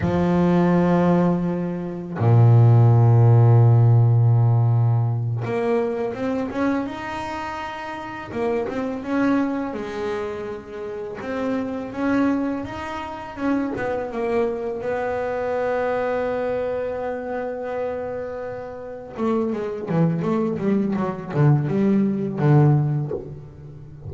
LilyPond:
\new Staff \with { instrumentName = "double bass" } { \time 4/4 \tempo 4 = 83 f2. ais,4~ | ais,2.~ ais,8 ais8~ | ais8 c'8 cis'8 dis'2 ais8 | c'8 cis'4 gis2 c'8~ |
c'8 cis'4 dis'4 cis'8 b8 ais8~ | ais8 b2.~ b8~ | b2~ b8 a8 gis8 e8 | a8 g8 fis8 d8 g4 d4 | }